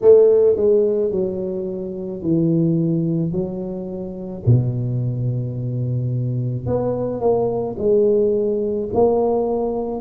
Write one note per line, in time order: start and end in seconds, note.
0.01 0.56 A3
0.56 1.11 G#3
1.11 2.22 F#3
2.22 3.31 E3
3.31 4.42 F#3
4.45 6.66 B2
6.66 7.20 B3
7.20 7.76 A#3
7.78 8.89 G#3
8.93 10.01 A#3